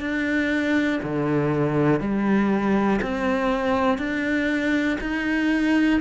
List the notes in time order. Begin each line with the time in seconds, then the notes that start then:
0.00 D4
1.03 D3
2.00 G3
3.02 C4
3.98 D4
5.00 D#4